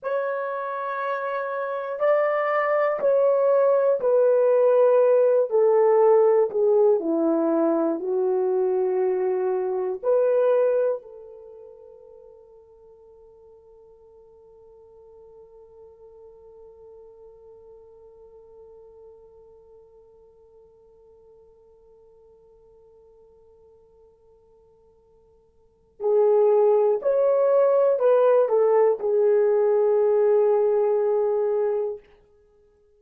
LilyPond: \new Staff \with { instrumentName = "horn" } { \time 4/4 \tempo 4 = 60 cis''2 d''4 cis''4 | b'4. a'4 gis'8 e'4 | fis'2 b'4 a'4~ | a'1~ |
a'1~ | a'1~ | a'2 gis'4 cis''4 | b'8 a'8 gis'2. | }